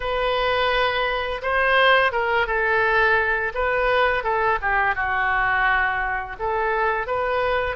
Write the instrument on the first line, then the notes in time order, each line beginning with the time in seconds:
oboe
0.00 B4
1.41 C5
2.12 A#4
2.46 A4
3.54 B4
4.23 A4
4.61 G4
4.95 F#4
6.39 A4
7.07 B4